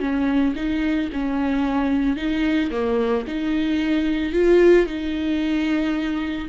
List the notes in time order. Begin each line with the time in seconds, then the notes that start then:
0.00 C#4
0.55 D#4
1.13 C#4
2.16 D#4
2.71 A#3
3.27 D#4
4.33 F4
4.86 D#4